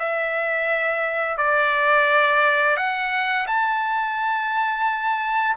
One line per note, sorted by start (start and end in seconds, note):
0.00 1.38 E5
1.38 2.77 D5
2.77 3.47 F#5
3.47 5.57 A5